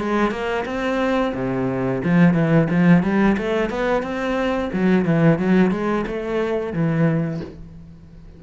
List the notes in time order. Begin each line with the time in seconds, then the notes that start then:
0.00 G#3
0.31 A#3
0.65 C4
1.34 C3
2.04 F3
2.34 E3
2.70 F3
3.03 G3
3.37 A3
3.70 B3
4.03 C4
4.73 F#3
5.05 E3
5.39 F#3
5.71 G#3
6.07 A3
6.73 E3